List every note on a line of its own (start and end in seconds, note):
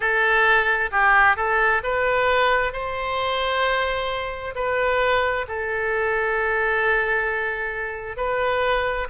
0.00 0.90 A4
0.91 1.36 G4
1.36 1.81 A4
1.83 2.72 B4
2.72 4.54 C5
4.55 5.45 B4
5.48 8.16 A4
8.16 9.07 B4